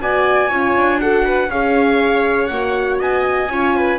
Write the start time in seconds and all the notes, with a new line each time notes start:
0.00 B3 F#4 D5 G#5
0.48 C#4 F4 C#5
0.75 D4
0.98 F#4 A4 F#5
1.24 B4
1.49 C#4 G#4 C#5 F5
2.46 A#3 F#4 F#5
2.99 B3 D#5 G#5
3.48 C#4 F4 C#5
3.77 B4